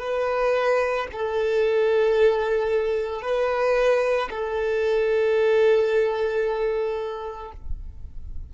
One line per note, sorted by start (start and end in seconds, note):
0.00 1.07 B4
1.12 3.22 A4
3.22 4.29 B4
4.31 7.52 A4